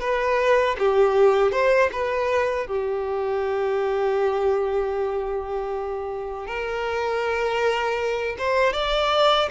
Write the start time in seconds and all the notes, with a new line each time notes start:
0.00 B4
0.78 G4
1.51 C5
1.92 B4
2.67 G4
6.46 A#4
8.38 C5
8.72 D5